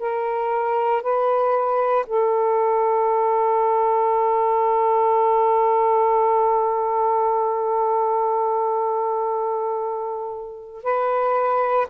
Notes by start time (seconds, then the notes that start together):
0.00 A#4
1.03 B4
2.07 A4
10.84 B4